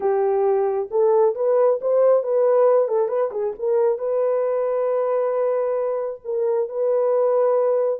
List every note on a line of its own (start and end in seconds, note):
0.00 0.89 G4
0.91 1.35 A4
1.35 1.79 B4
1.81 2.23 C5
2.23 2.88 B4
2.88 3.08 A4
3.08 3.30 B4
3.31 3.53 G#4
3.59 3.98 A#4
3.98 6.20 B4
6.24 6.68 A#4
6.68 7.99 B4